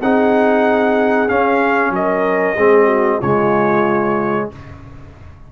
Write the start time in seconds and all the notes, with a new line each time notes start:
0.00 C4 D#4 G#4 F#5
1.28 C#4 F5
1.90 F#3 A#4 D#5
2.56 G#3 C4 G#4
2.86 F#4
3.19 C#3 G#3 F4 C#5